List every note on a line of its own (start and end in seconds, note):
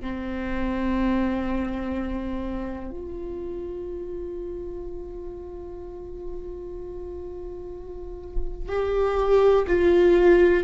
0.00 2.90 C4
2.90 8.68 F4
8.68 9.65 G4
9.67 10.63 F4